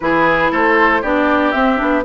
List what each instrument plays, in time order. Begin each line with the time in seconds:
0.00 bassoon E3, clarinet E4, oboe G#4, flute B4
0.51 bassoon A3, oboe A4, flute C5
1.01 bassoon B3, clarinet D4, oboe G4, flute D5
1.51 clarinet C4, bassoon C4, flute E5
1.77 bassoon B3, clarinet D4